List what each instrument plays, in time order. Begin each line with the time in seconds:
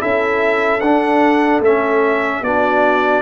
0.00 tuba C#4, trombone E4, horn A4, trumpet E5
0.81 tuba D4, trombone D4, trumpet F#5
1.60 tuba A3, trombone C#4, trumpet E5
2.42 tuba B3, trombone D4, horn F#4, trumpet D5